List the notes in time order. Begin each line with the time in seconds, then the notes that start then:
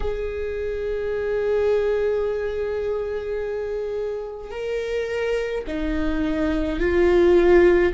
0.00 G#4
4.50 A#4
5.67 D#4
6.79 F4